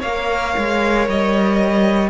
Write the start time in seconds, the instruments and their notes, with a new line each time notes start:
0.00 cello A#3, viola A#4, violin C#5 F5
0.58 cello G#3
1.08 cello G3, violin D#5